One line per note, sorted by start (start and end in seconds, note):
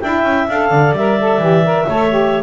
0.00 0.23 D4
0.00 0.49 E4
0.00 0.69 E5
0.00 0.47 G5
0.23 0.47 C#4
0.48 0.70 D4
0.48 0.97 A4
0.48 0.95 F5
0.69 0.91 D3
0.69 1.86 D5
0.91 1.38 G3
0.91 1.19 A#4
0.91 2.43 E5
1.19 1.40 A4
1.38 1.85 E3
1.38 1.63 G4
1.64 1.88 A#4
1.86 2.43 A3
1.86 2.08 A4
1.86 2.43 C#5
2.08 2.43 G4